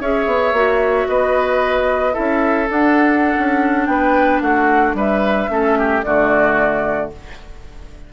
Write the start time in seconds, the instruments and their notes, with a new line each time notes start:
0.00 bassoon C#4, clarinet G#4, oboe C#5, flute E5
0.26 bassoon B3
0.52 bassoon A#3, clarinet F#4
1.08 bassoon B3, oboe B4, flute D#5
2.12 bassoon C#4, clarinet E4, oboe A4, flute E5
2.69 bassoon D4, clarinet D4, flute F#5
3.38 bassoon C#4
3.85 bassoon B3, oboe B4, flute G5
4.41 bassoon A3, oboe F#4, flute F#5
4.94 bassoon G3, oboe B4, flute E5
5.49 bassoon A3, clarinet C#4, oboe A4
5.78 oboe G4
6.02 bassoon D3, clarinet A3, oboe F#4, flute D5